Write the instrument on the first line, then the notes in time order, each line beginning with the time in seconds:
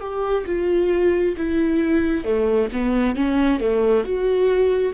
viola
0.00 G4
0.46 F4
1.38 E4
2.25 A3
2.73 B3
3.16 C#4
3.60 A3
4.04 F#4